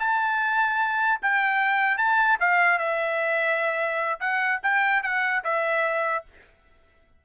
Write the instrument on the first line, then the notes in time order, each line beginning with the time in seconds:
trumpet
0.00 A5
1.22 G5
1.98 A5
2.40 F5
2.79 E5
4.20 F#5
4.63 G5
5.03 F#5
5.45 E5